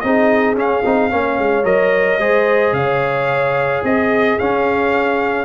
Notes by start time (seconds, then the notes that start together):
0.00 C4 D#4 G#4 D#5
0.55 C#4 F5
0.85 C4 D#4
1.10 A#3 C#4 C#5
1.38 G#3
1.63 F#3 A#4 D#5
2.18 G#3 G#4 C5
2.72 C#3 C#5 F5
3.83 C4 G#4 D#5
4.39 C#4 F5